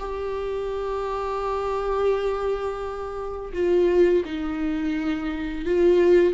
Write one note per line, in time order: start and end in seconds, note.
0.00 3.53 G4
3.54 4.24 F4
4.26 5.66 D#4
5.66 6.34 F4